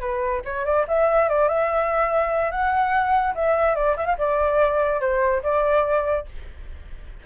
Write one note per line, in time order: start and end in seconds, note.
0.00 0.41 B4
0.44 0.65 C#5
0.65 0.85 D5
0.87 1.28 E5
1.28 1.48 D5
1.48 2.51 E5
2.51 3.34 F#5
3.34 3.75 E5
3.75 3.96 D5
3.96 4.06 E5
4.06 4.16 F5
4.18 5.00 D5
5.00 5.42 C5
5.43 6.25 D5